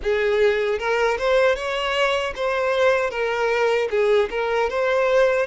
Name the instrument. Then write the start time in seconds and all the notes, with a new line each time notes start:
violin
0.02 G#4
0.78 A#4
1.18 C5
1.55 C#5
2.35 C5
3.10 A#4
3.90 G#4
4.30 A#4
4.69 C5